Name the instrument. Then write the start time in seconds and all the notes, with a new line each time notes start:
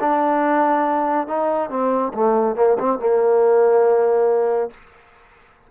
trombone
0.00 D4
1.27 D#4
1.70 C4
2.14 A3
2.56 A#3
2.79 C4
2.99 A#3